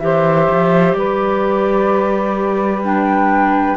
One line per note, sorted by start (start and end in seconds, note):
0.00 0.48 E3
0.00 2.83 G4
0.00 0.98 C5
0.00 0.94 E5
0.51 0.94 F3
0.94 3.75 G3
0.94 3.78 B4
0.94 2.81 D5
2.84 3.78 D4
2.84 3.78 G5